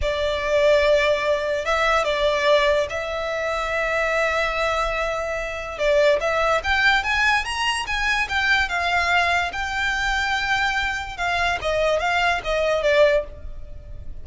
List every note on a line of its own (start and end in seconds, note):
0.01 1.65 D5
1.65 2.04 E5
2.04 2.87 D5
2.89 5.78 E5
5.78 6.19 D5
6.20 6.61 E5
6.63 7.03 G5
7.03 7.44 G#5
7.44 7.86 A#5
7.86 8.28 G#5
8.28 8.68 G5
8.68 9.51 F5
9.52 11.17 G5
11.17 11.58 F5
11.61 11.99 D#5
11.99 12.41 F5
12.44 12.82 D#5
12.82 13.24 D5